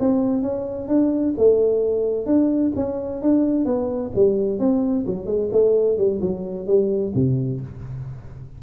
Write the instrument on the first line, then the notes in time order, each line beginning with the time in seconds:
tuba
0.00 C4
0.43 C#4
0.89 D4
1.38 A3
2.27 D4
2.76 C#4
3.23 D4
3.66 B3
4.16 G3
4.60 C4
5.07 F#3
5.27 G#3
5.52 A3
5.98 G3
6.22 F#3
6.67 G3
7.15 C3